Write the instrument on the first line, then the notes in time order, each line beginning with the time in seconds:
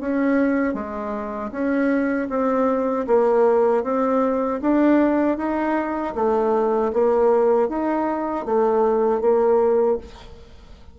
bassoon
0.00 C#4
0.73 G#3
1.51 C#4
2.29 C4
3.07 A#3
3.83 C4
4.61 D4
5.37 D#4
6.15 A3
6.93 A#3
7.68 D#4
8.45 A3
9.21 A#3